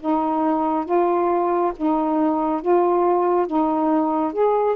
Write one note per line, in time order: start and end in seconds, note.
0.00 0.86 D#4
0.86 1.73 F4
1.77 2.62 D#4
2.62 3.47 F4
3.47 4.33 D#4
4.33 4.76 G#4